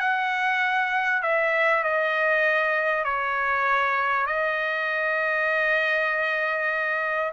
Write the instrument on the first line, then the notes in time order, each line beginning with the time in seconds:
trumpet
0.00 F#5
1.22 E5
1.84 D#5
3.05 C#5
4.27 D#5